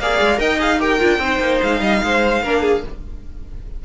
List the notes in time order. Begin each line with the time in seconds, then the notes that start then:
0.00 A#3 G#4 D5 F5
0.21 G#3
0.37 D#4 A#4 D#5 G5
0.59 G#4 F5
0.80 G4 A#4 G5
1.00 D4 F4
1.19 C4 D#4 C5
1.40 A#3
1.63 G#3 F5
1.81 G3 D#5
2.04 G#3 C5
2.43 A#3 D4 A#4
2.62 G#4